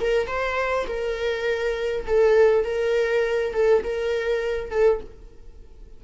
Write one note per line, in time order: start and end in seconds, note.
0.00 0.27 A#4
0.27 0.86 C5
0.87 2.05 A#4
2.06 2.64 A4
2.64 3.53 A#4
3.53 3.83 A4
3.83 4.70 A#4
4.70 5.00 A4